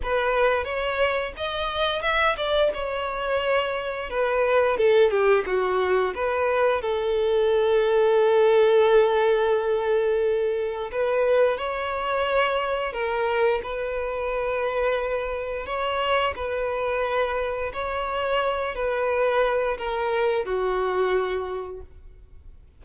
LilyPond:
\new Staff \with { instrumentName = "violin" } { \time 4/4 \tempo 4 = 88 b'4 cis''4 dis''4 e''8 d''8 | cis''2 b'4 a'8 g'8 | fis'4 b'4 a'2~ | a'1 |
b'4 cis''2 ais'4 | b'2. cis''4 | b'2 cis''4. b'8~ | b'4 ais'4 fis'2 | }